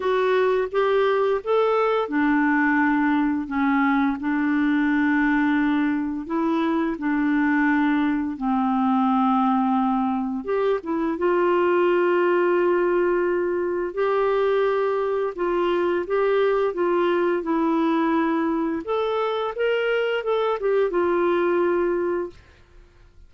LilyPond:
\new Staff \with { instrumentName = "clarinet" } { \time 4/4 \tempo 4 = 86 fis'4 g'4 a'4 d'4~ | d'4 cis'4 d'2~ | d'4 e'4 d'2 | c'2. g'8 e'8 |
f'1 | g'2 f'4 g'4 | f'4 e'2 a'4 | ais'4 a'8 g'8 f'2 | }